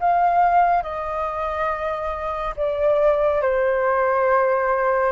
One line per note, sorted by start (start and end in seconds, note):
0.00 0.83 F5
0.83 2.54 D#5
2.57 3.42 D5
3.42 5.12 C5